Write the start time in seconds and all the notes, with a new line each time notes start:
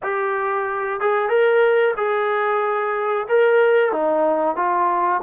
0.03 G4
1.00 G#4
1.29 A#4
1.97 G#4
3.28 A#4
3.92 D#4
4.56 F4